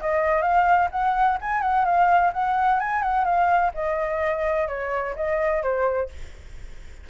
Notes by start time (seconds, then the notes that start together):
0.00 D#5
0.41 F5
0.91 F#5
1.41 G#5
1.61 F#5
1.85 F5
2.33 F#5
2.80 G#5
3.02 F#5
3.24 F5
3.74 D#5
4.68 C#5
5.16 D#5
5.62 C5